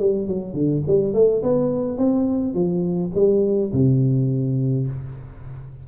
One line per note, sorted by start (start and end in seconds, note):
0.00 0.28 G3
0.28 0.54 F#3
0.54 0.83 D3
0.88 1.14 G3
1.14 1.43 A3
1.43 1.98 B3
1.98 2.55 C4
2.55 3.12 F3
3.15 3.72 G3
3.73 4.88 C3